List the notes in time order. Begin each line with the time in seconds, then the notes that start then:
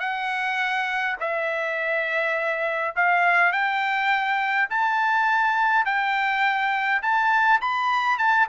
0.00 F#5
1.20 E5
2.96 F5
3.52 G5
4.70 A5
5.85 G5
7.02 A5
7.61 B5
8.18 A5